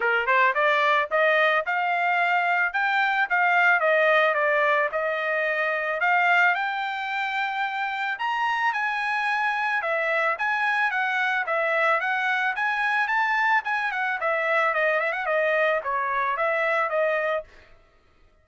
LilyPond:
\new Staff \with { instrumentName = "trumpet" } { \time 4/4 \tempo 4 = 110 ais'8 c''8 d''4 dis''4 f''4~ | f''4 g''4 f''4 dis''4 | d''4 dis''2 f''4 | g''2. ais''4 |
gis''2 e''4 gis''4 | fis''4 e''4 fis''4 gis''4 | a''4 gis''8 fis''8 e''4 dis''8 e''16 fis''16 | dis''4 cis''4 e''4 dis''4 | }